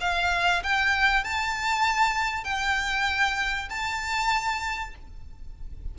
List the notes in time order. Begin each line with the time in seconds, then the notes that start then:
0.00 F5
0.63 G5
1.24 A5
2.43 G5
3.69 A5